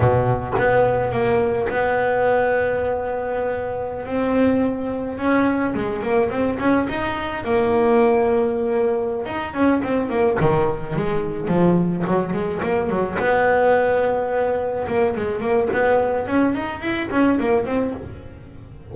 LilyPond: \new Staff \with { instrumentName = "double bass" } { \time 4/4 \tempo 4 = 107 b,4 b4 ais4 b4~ | b2.~ b16 c'8.~ | c'4~ c'16 cis'4 gis8 ais8 c'8 cis'16~ | cis'16 dis'4 ais2~ ais8.~ |
ais8 dis'8 cis'8 c'8 ais8 dis4 gis8~ | gis8 f4 fis8 gis8 ais8 fis8 b8~ | b2~ b8 ais8 gis8 ais8 | b4 cis'8 dis'8 e'8 cis'8 ais8 c'8 | }